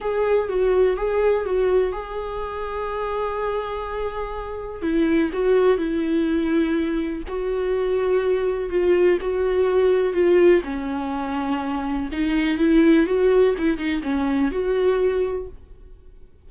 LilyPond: \new Staff \with { instrumentName = "viola" } { \time 4/4 \tempo 4 = 124 gis'4 fis'4 gis'4 fis'4 | gis'1~ | gis'2 e'4 fis'4 | e'2. fis'4~ |
fis'2 f'4 fis'4~ | fis'4 f'4 cis'2~ | cis'4 dis'4 e'4 fis'4 | e'8 dis'8 cis'4 fis'2 | }